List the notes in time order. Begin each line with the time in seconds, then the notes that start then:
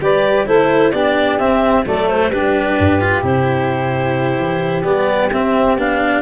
0.00 G3 G4 B4 D5
0.46 A3 E4 A4 C5
0.91 B3 D4 G4 D5
1.38 C4 E5
1.85 F#3 A3 A4 D5
2.08 C5
2.29 G3 D4 G4 B4
2.78 G2
3.00 F4
3.21 C3 E4 C5
4.37 E3
4.84 G3 B3 D5
5.31 C4 E5
5.76 B3 D4 F5